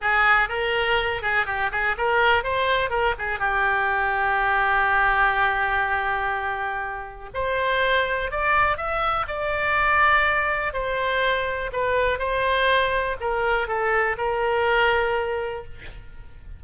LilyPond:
\new Staff \with { instrumentName = "oboe" } { \time 4/4 \tempo 4 = 123 gis'4 ais'4. gis'8 g'8 gis'8 | ais'4 c''4 ais'8 gis'8 g'4~ | g'1~ | g'2. c''4~ |
c''4 d''4 e''4 d''4~ | d''2 c''2 | b'4 c''2 ais'4 | a'4 ais'2. | }